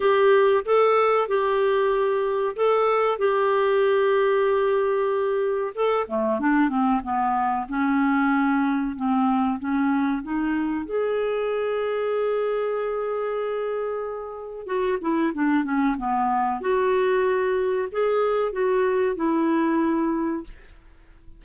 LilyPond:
\new Staff \with { instrumentName = "clarinet" } { \time 4/4 \tempo 4 = 94 g'4 a'4 g'2 | a'4 g'2.~ | g'4 a'8 a8 d'8 c'8 b4 | cis'2 c'4 cis'4 |
dis'4 gis'2.~ | gis'2. fis'8 e'8 | d'8 cis'8 b4 fis'2 | gis'4 fis'4 e'2 | }